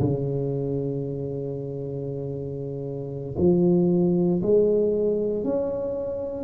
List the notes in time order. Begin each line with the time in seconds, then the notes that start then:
0.00 C#3
3.38 F3
4.42 G#3
5.44 C#4